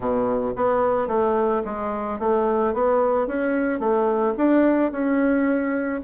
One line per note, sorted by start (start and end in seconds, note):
0.00 0.53 B2
0.56 1.07 B3
1.07 1.62 A3
1.64 2.19 G#3
2.19 2.73 A3
2.73 3.27 B3
3.27 3.79 C#4
3.79 4.34 A3
4.37 4.91 D4
4.91 6.00 C#4